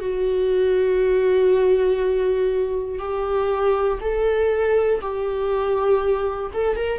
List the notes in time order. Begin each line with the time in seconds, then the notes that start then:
0.00 F#4
2.98 G4
4.00 A4
5.00 G4
6.53 A4
6.75 A#4